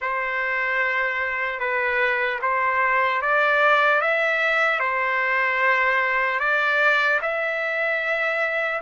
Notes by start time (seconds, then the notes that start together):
0.01 C5
1.59 B4
2.41 C5
3.21 D5
4.01 E5
4.79 C5
6.39 D5
7.21 E5